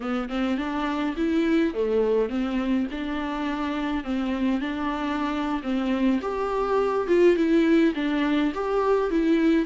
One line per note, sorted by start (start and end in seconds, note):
0.00 0.29 B3
0.29 0.57 C4
0.57 1.15 D4
1.16 1.74 E4
1.74 2.29 A3
2.29 2.86 C4
2.91 4.04 D4
4.04 4.60 C4
4.60 5.61 D4
5.62 6.20 C4
6.21 7.07 G4
7.07 7.36 F4
7.36 7.93 E4
7.95 8.52 D4
8.54 9.10 G4
9.10 9.65 E4